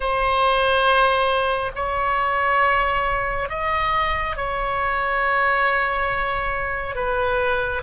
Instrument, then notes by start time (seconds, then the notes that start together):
oboe
0.00 C5
1.75 C#5
3.49 D#5
4.36 C#5
6.95 B4